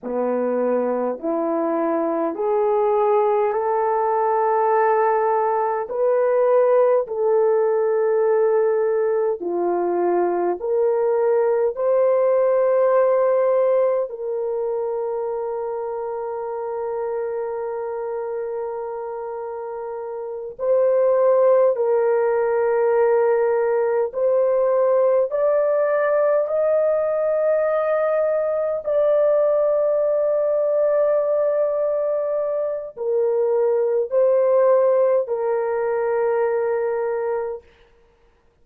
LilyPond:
\new Staff \with { instrumentName = "horn" } { \time 4/4 \tempo 4 = 51 b4 e'4 gis'4 a'4~ | a'4 b'4 a'2 | f'4 ais'4 c''2 | ais'1~ |
ais'4. c''4 ais'4.~ | ais'8 c''4 d''4 dis''4.~ | dis''8 d''2.~ d''8 | ais'4 c''4 ais'2 | }